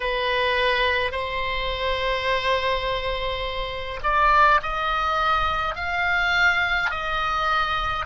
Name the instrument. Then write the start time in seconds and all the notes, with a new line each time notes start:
oboe
0.00 B4
1.11 C5
4.03 D5
4.62 D#5
5.75 F5
6.90 D#5